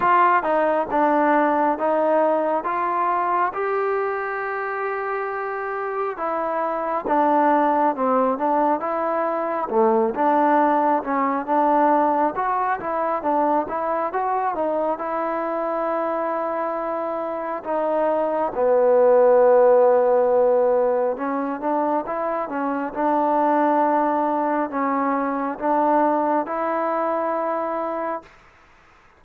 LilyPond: \new Staff \with { instrumentName = "trombone" } { \time 4/4 \tempo 4 = 68 f'8 dis'8 d'4 dis'4 f'4 | g'2. e'4 | d'4 c'8 d'8 e'4 a8 d'8~ | d'8 cis'8 d'4 fis'8 e'8 d'8 e'8 |
fis'8 dis'8 e'2. | dis'4 b2. | cis'8 d'8 e'8 cis'8 d'2 | cis'4 d'4 e'2 | }